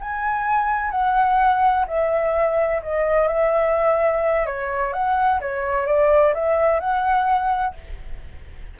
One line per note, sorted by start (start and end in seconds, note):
0.00 0.91 G#5
0.91 1.85 F#5
1.87 2.82 E5
2.82 3.28 D#5
3.28 4.46 E5
4.46 4.93 C#5
4.93 5.40 F#5
5.40 5.86 C#5
5.86 6.33 D5
6.34 6.80 E5
6.80 7.74 F#5